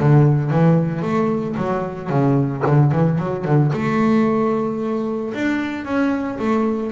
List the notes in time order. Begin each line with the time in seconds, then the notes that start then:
0.00 D3
0.51 E3
1.03 A3
1.57 F#3
2.10 C#3
2.67 D3
2.92 E3
3.19 F#3
3.45 D3
3.74 A3
5.34 D4
5.85 C#4
6.39 A3